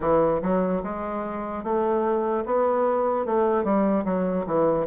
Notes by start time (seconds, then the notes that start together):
0.00 E3
0.41 F#3
0.83 G#3
1.63 A3
2.45 B3
3.25 A3
3.63 G3
4.05 F#3
4.46 E3